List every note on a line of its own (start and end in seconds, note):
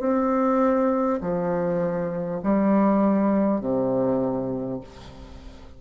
0.00 1.20 C4
1.21 2.41 F3
2.43 3.61 G3
3.61 4.81 C3